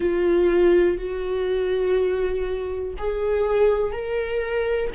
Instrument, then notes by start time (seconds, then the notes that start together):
viola
0.00 F4
0.97 F#4
2.98 G#4
3.92 A#4